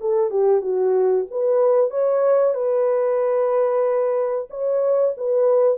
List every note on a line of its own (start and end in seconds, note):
0.00 0.30 A4
0.30 0.61 G4
0.61 1.26 F#4
1.30 1.90 B4
1.90 2.54 C#5
2.54 4.48 B4
4.50 5.14 C#5
5.17 5.78 B4